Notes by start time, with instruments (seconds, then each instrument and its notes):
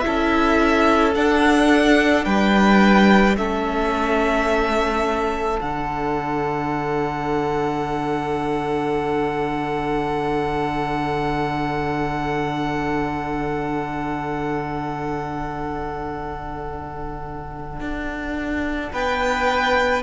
0.00 viola E4, violin E5
0.06 cello C#4, violin A4
1.15 viola D4, cello D4, violin F#5
2.25 cello G3, violin B4 G5
3.37 cello A3, viola C#4, violin A4 E5
5.57 cello D3, viola D4, violin F#5
17.81 cello D4
18.93 cello B3, violin B4 G5